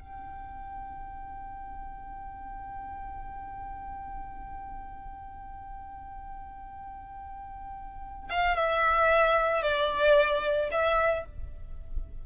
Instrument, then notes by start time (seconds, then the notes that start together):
violin
0.00 G5
8.30 F5
8.56 E5
9.62 D5
10.72 E5